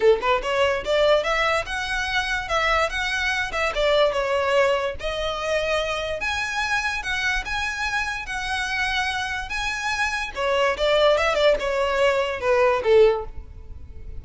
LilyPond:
\new Staff \with { instrumentName = "violin" } { \time 4/4 \tempo 4 = 145 a'8 b'8 cis''4 d''4 e''4 | fis''2 e''4 fis''4~ | fis''8 e''8 d''4 cis''2 | dis''2. gis''4~ |
gis''4 fis''4 gis''2 | fis''2. gis''4~ | gis''4 cis''4 d''4 e''8 d''8 | cis''2 b'4 a'4 | }